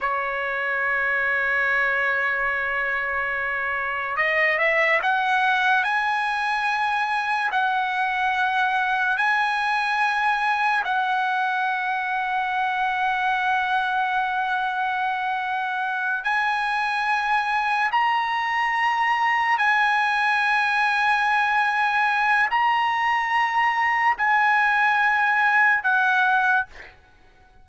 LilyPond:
\new Staff \with { instrumentName = "trumpet" } { \time 4/4 \tempo 4 = 72 cis''1~ | cis''4 dis''8 e''8 fis''4 gis''4~ | gis''4 fis''2 gis''4~ | gis''4 fis''2.~ |
fis''2.~ fis''8 gis''8~ | gis''4. ais''2 gis''8~ | gis''2. ais''4~ | ais''4 gis''2 fis''4 | }